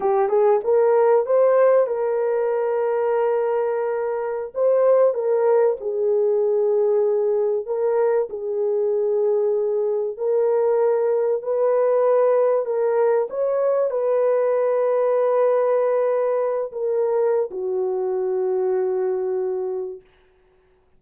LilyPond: \new Staff \with { instrumentName = "horn" } { \time 4/4 \tempo 4 = 96 g'8 gis'8 ais'4 c''4 ais'4~ | ais'2.~ ais'16 c''8.~ | c''16 ais'4 gis'2~ gis'8.~ | gis'16 ais'4 gis'2~ gis'8.~ |
gis'16 ais'2 b'4.~ b'16~ | b'16 ais'4 cis''4 b'4.~ b'16~ | b'2~ b'8. ais'4~ ais'16 | fis'1 | }